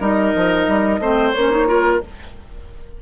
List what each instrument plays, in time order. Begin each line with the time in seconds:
0.00 bassoon G3, clarinet D#4, oboe A#4, flute D#5
0.36 bassoon F3
0.67 bassoon G3
0.99 bassoon A3, clarinet C4, oboe C5
1.31 bassoon A#3, flute C#5
1.38 clarinet C#4
1.51 clarinet D#4
1.67 clarinet F4, oboe A#4